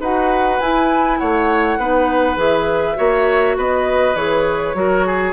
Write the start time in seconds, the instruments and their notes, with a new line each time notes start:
0.00 bassoon D#4, clarinet F#4, oboe B4, flute F#5
0.60 bassoon E4, clarinet E4, flute G#5
1.19 bassoon A3, oboe C#5, flute F#5
1.78 bassoon B3, clarinet D#4, oboe B4
2.36 bassoon E3, clarinet G#4, flute E5
2.96 bassoon A#3, clarinet F#4, oboe C#5
3.57 bassoon B3, oboe B4, flute D#5
4.15 bassoon E3, clarinet G#4, flute C#5
4.74 bassoon F#3, clarinet F#4, oboe A#4
5.06 oboe G#4